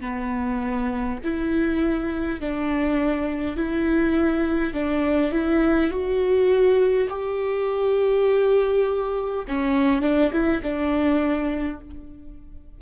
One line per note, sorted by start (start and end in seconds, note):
0.00 1.18 B3
1.24 2.40 E4
2.40 3.56 D4
3.56 4.73 E4
4.73 5.32 D4
5.32 5.90 E4
5.90 7.08 F#4
7.09 9.44 G4
9.48 10.02 C#4
10.02 10.31 D4
10.32 10.61 E4
10.62 11.80 D4